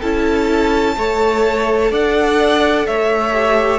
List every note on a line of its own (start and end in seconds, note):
0.00 0.97 C#4
0.00 0.96 E4
0.00 0.95 A4
0.00 1.92 A5
0.96 1.91 A3
0.96 3.33 A4
0.96 1.91 C#5
1.91 2.86 D4
1.91 2.86 D5
1.91 2.87 F#5
2.87 3.79 A3
2.87 3.79 C#5
2.87 3.79 E5
3.33 3.79 G4